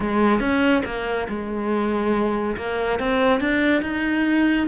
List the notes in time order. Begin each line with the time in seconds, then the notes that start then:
0.00 G#3
0.39 C#4
0.85 A#3
1.28 G#3
2.56 A#3
2.99 C4
3.40 D4
3.82 D#4